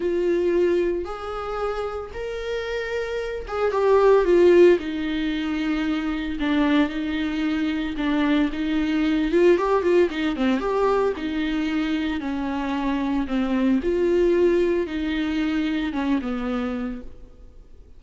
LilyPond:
\new Staff \with { instrumentName = "viola" } { \time 4/4 \tempo 4 = 113 f'2 gis'2 | ais'2~ ais'8 gis'8 g'4 | f'4 dis'2. | d'4 dis'2 d'4 |
dis'4. f'8 g'8 f'8 dis'8 c'8 | g'4 dis'2 cis'4~ | cis'4 c'4 f'2 | dis'2 cis'8 b4. | }